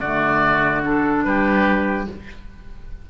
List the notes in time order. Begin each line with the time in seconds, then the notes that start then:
0.00 D3 A3 F#4 D5
0.84 D4 A4
1.24 G3 G4 B4